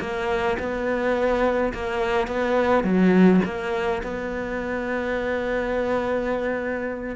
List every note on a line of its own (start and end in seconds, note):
0.00 0.57 A#3
0.58 1.73 B3
1.74 2.27 A#3
2.27 2.83 B3
2.83 3.41 F#3
3.45 4.02 A#3
4.03 7.16 B3